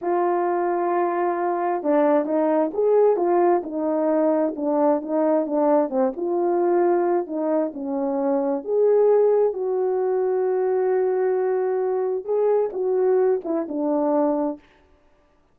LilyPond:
\new Staff \with { instrumentName = "horn" } { \time 4/4 \tempo 4 = 132 f'1 | d'4 dis'4 gis'4 f'4 | dis'2 d'4 dis'4 | d'4 c'8 f'2~ f'8 |
dis'4 cis'2 gis'4~ | gis'4 fis'2.~ | fis'2. gis'4 | fis'4. e'8 d'2 | }